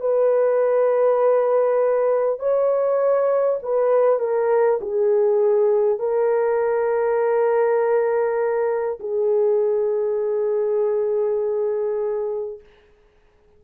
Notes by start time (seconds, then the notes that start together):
0.00 B4
2.39 C#5
3.62 B4
4.19 A#4
4.81 G#4
5.99 A#4
8.99 G#4